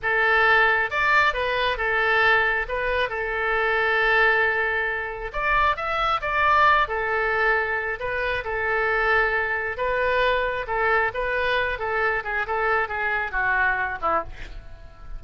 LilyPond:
\new Staff \with { instrumentName = "oboe" } { \time 4/4 \tempo 4 = 135 a'2 d''4 b'4 | a'2 b'4 a'4~ | a'1 | d''4 e''4 d''4. a'8~ |
a'2 b'4 a'4~ | a'2 b'2 | a'4 b'4. a'4 gis'8 | a'4 gis'4 fis'4. e'8 | }